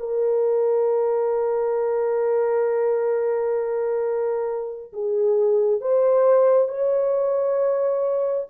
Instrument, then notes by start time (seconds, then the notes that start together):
horn
0.00 A#4
4.93 G#4
5.81 C5
6.68 C#5